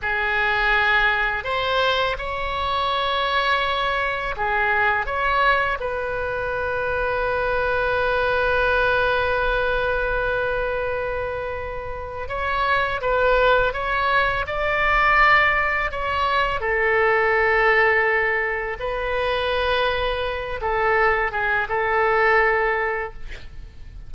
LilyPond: \new Staff \with { instrumentName = "oboe" } { \time 4/4 \tempo 4 = 83 gis'2 c''4 cis''4~ | cis''2 gis'4 cis''4 | b'1~ | b'1~ |
b'4 cis''4 b'4 cis''4 | d''2 cis''4 a'4~ | a'2 b'2~ | b'8 a'4 gis'8 a'2 | }